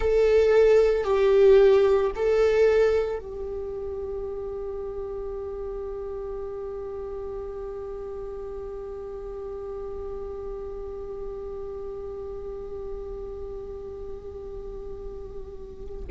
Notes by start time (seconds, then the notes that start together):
0.00 A4
1.04 G4
2.15 A4
3.19 G4